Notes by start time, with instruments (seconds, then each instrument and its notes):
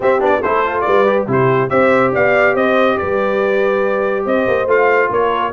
0.00 tuba C4, trombone C4, horn G4, trumpet E5
0.19 tuba B3, trombone D4, trumpet D5
0.42 tuba A3, trombone E4, horn A4, trumpet C5
0.65 trombone F4
0.80 horn B4, trumpet D5
0.87 tuba G3
1.06 trombone G4
1.27 tuba C3, trombone E4, horn G4, trumpet C5
1.69 tuba C4, trombone G4, horn C5, trumpet E5
2.12 tuba B3, horn D5, trumpet F5
2.54 tuba C4, horn C5, trumpet D#5
2.97 tuba G3, horn B4, trumpet D5
4.25 tuba C4, horn C5, trumpet D#5
4.47 tuba A#3
4.66 tuba A3, trombone F4, trumpet F5
5.10 tuba A#3, horn A#4, trumpet C#5